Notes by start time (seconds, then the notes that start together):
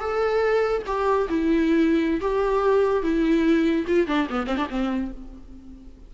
0.00 A4
0.87 G4
1.30 E4
2.21 G4
3.03 E4
3.87 F4
4.07 D4
4.30 B3
4.47 C4
4.57 D4
4.70 C4